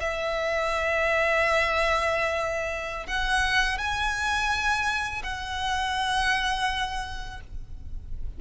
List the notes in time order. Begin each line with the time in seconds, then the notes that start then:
0.00 E5
3.07 F#5
3.78 G#5
5.23 F#5